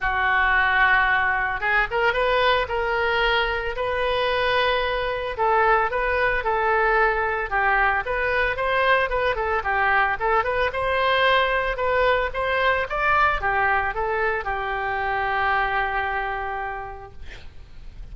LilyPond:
\new Staff \with { instrumentName = "oboe" } { \time 4/4 \tempo 4 = 112 fis'2. gis'8 ais'8 | b'4 ais'2 b'4~ | b'2 a'4 b'4 | a'2 g'4 b'4 |
c''4 b'8 a'8 g'4 a'8 b'8 | c''2 b'4 c''4 | d''4 g'4 a'4 g'4~ | g'1 | }